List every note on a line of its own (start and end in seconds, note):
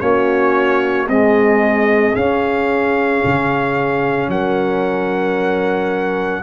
0.00 1.08 A#3
0.00 1.07 C#4
0.00 1.08 F#4
0.00 1.07 C#5
1.08 2.16 G#3
1.08 2.15 C4
1.08 4.29 G#4
1.08 2.15 D#5
2.15 3.23 C#4
2.15 6.42 C#4
2.15 4.29 F5
3.25 4.28 C#3
4.28 6.42 F#3
4.28 6.42 A#4
4.28 6.42 F#5